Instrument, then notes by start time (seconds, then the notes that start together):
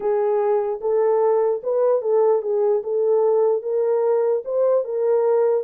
horn
0.00 G#4
0.81 A4
1.63 B4
2.01 A4
2.42 G#4
2.83 A4
3.62 A#4
4.44 C5
4.84 A#4